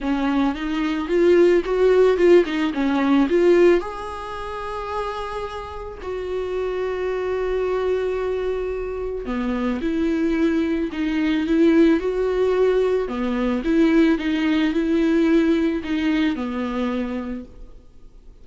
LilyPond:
\new Staff \with { instrumentName = "viola" } { \time 4/4 \tempo 4 = 110 cis'4 dis'4 f'4 fis'4 | f'8 dis'8 cis'4 f'4 gis'4~ | gis'2. fis'4~ | fis'1~ |
fis'4 b4 e'2 | dis'4 e'4 fis'2 | b4 e'4 dis'4 e'4~ | e'4 dis'4 b2 | }